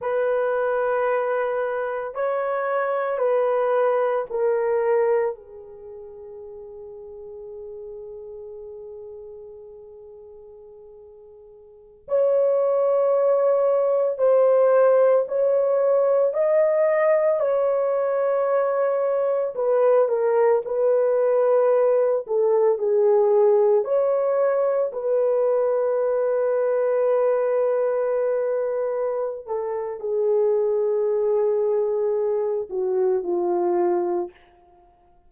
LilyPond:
\new Staff \with { instrumentName = "horn" } { \time 4/4 \tempo 4 = 56 b'2 cis''4 b'4 | ais'4 gis'2.~ | gis'2.~ gis'16 cis''8.~ | cis''4~ cis''16 c''4 cis''4 dis''8.~ |
dis''16 cis''2 b'8 ais'8 b'8.~ | b'8. a'8 gis'4 cis''4 b'8.~ | b'2.~ b'8 a'8 | gis'2~ gis'8 fis'8 f'4 | }